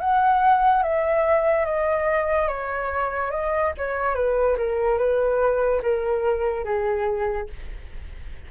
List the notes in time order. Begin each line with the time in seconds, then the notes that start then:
0.00 F#5
0.83 E5
1.65 D#5
2.48 C#5
3.30 D#5
3.77 C#5
4.15 B4
4.57 A#4
4.98 B4
5.82 A#4
6.64 G#4